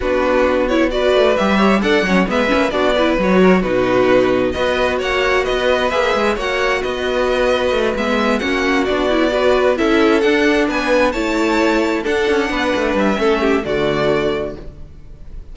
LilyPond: <<
  \new Staff \with { instrumentName = "violin" } { \time 4/4 \tempo 4 = 132 b'4. cis''8 d''4 e''4 | fis''4 e''4 d''4 cis''4 | b'2 dis''4 fis''4 | dis''4 e''4 fis''4 dis''4~ |
dis''4. e''4 fis''4 d''8~ | d''4. e''4 fis''4 gis''8~ | gis''8 a''2 fis''4.~ | fis''8 e''4. d''2 | }
  \new Staff \with { instrumentName = "violin" } { \time 4/4 fis'2 b'4. cis''8 | d''8 cis''8 b'4 fis'8 b'4 ais'8 | fis'2 b'4 cis''4 | b'2 cis''4 b'4~ |
b'2~ b'8 fis'4.~ | fis'8 b'4 a'2 b'8~ | b'8 cis''2 a'4 b'8~ | b'4 a'8 g'8 fis'2 | }
  \new Staff \with { instrumentName = "viola" } { \time 4/4 d'4. e'8 fis'4 g'4 | a'8 cis'8 b8 cis'8 d'8 e'8 fis'4 | dis'2 fis'2~ | fis'4 gis'4 fis'2~ |
fis'4. b4 cis'4 d'8 | e'8 fis'4 e'4 d'4.~ | d'8 e'2 d'4.~ | d'4 cis'4 a2 | }
  \new Staff \with { instrumentName = "cello" } { \time 4/4 b2~ b8 a8 g4 | d'8 fis8 gis8 ais8 b4 fis4 | b,2 b4 ais4 | b4 ais8 gis8 ais4 b4~ |
b4 a8 gis4 ais4 b8~ | b4. cis'4 d'4 b8~ | b8 a2 d'8 cis'8 b8 | a8 g8 a4 d2 | }
>>